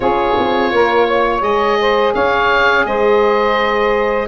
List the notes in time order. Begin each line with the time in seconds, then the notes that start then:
0.00 C#4 F4 G#4 C#5
0.38 C4
0.72 A#3 A#4
1.07 C#5
1.41 G#3 G#4 D#5
1.80 C5
2.14 C#4 C#5 F5
2.85 G#3 C5 D#5